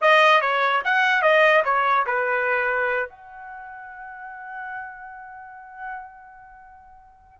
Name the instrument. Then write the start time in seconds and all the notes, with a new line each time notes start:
trumpet
0.01 D#5
0.41 C#5
0.84 F#5
1.22 D#5
1.64 C#5
2.06 B4
3.09 F#5